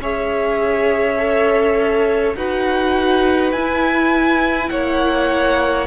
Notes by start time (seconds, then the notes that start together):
0.00 C#4 G#4 C#5 E5
1.18 A4
2.36 D#4 F#4 B4 F#5
3.52 E4 G#5
4.69 A#3 C#5 F#5